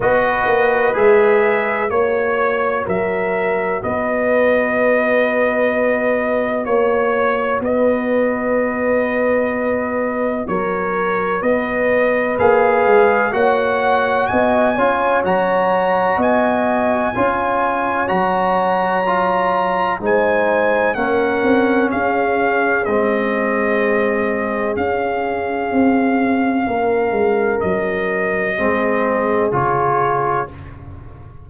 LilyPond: <<
  \new Staff \with { instrumentName = "trumpet" } { \time 4/4 \tempo 4 = 63 dis''4 e''4 cis''4 e''4 | dis''2. cis''4 | dis''2. cis''4 | dis''4 f''4 fis''4 gis''4 |
ais''4 gis''2 ais''4~ | ais''4 gis''4 fis''4 f''4 | dis''2 f''2~ | f''4 dis''2 cis''4 | }
  \new Staff \with { instrumentName = "horn" } { \time 4/4 b'2 cis''4 ais'4 | b'2. cis''4 | b'2. ais'4 | b'2 cis''4 dis''8 cis''8~ |
cis''4 dis''4 cis''2~ | cis''4 c''4 ais'4 gis'4~ | gis'1 | ais'2 gis'2 | }
  \new Staff \with { instrumentName = "trombone" } { \time 4/4 fis'4 gis'4 fis'2~ | fis'1~ | fis'1~ | fis'4 gis'4 fis'4. f'8 |
fis'2 f'4 fis'4 | f'4 dis'4 cis'2 | c'2 cis'2~ | cis'2 c'4 f'4 | }
  \new Staff \with { instrumentName = "tuba" } { \time 4/4 b8 ais8 gis4 ais4 fis4 | b2. ais4 | b2. fis4 | b4 ais8 gis8 ais4 b8 cis'8 |
fis4 b4 cis'4 fis4~ | fis4 gis4 ais8 c'8 cis'4 | gis2 cis'4 c'4 | ais8 gis8 fis4 gis4 cis4 | }
>>